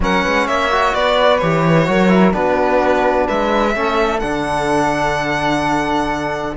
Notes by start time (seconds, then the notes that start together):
0.00 F#3 C#4 A#4 F#5
0.22 G#3 B4
0.47 A#3 C#5 E5
0.70 F#4
0.94 B3 B4 D5
1.38 E3 G4 C#5
1.85 F#3 F#4 A#4
2.09 E4
2.32 B3 D4 F#4 B4
3.26 G#3 B4 E5
3.73 A3 C#4 A4
4.19 D3 D4 F#5